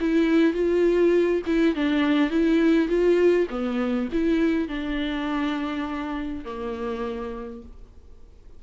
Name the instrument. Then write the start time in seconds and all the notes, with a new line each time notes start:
viola
0.00 E4
0.53 F4
1.46 E4
1.75 D4
2.30 E4
2.88 F4
3.50 B3
4.12 E4
4.68 D4
6.44 A#3